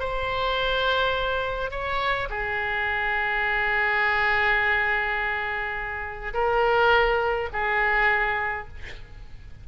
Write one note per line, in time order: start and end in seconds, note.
0.00 1.71 C5
1.71 2.29 C#5
2.30 6.34 G#4
6.34 7.49 A#4
7.53 8.69 G#4